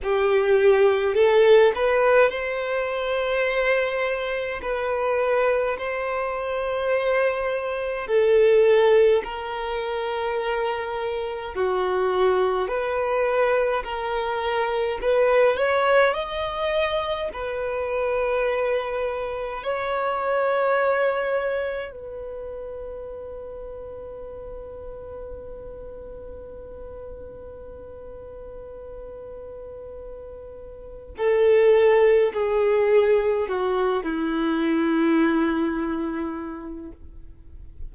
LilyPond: \new Staff \with { instrumentName = "violin" } { \time 4/4 \tempo 4 = 52 g'4 a'8 b'8 c''2 | b'4 c''2 a'4 | ais'2 fis'4 b'4 | ais'4 b'8 cis''8 dis''4 b'4~ |
b'4 cis''2 b'4~ | b'1~ | b'2. a'4 | gis'4 fis'8 e'2~ e'8 | }